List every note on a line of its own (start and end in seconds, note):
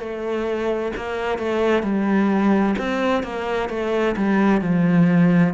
0.00 0.92 A3
0.97 1.38 A#3
1.38 1.83 A3
1.83 2.75 G3
2.79 3.23 C4
3.23 3.70 A#3
3.70 4.16 A3
4.17 4.62 G3
4.62 5.54 F3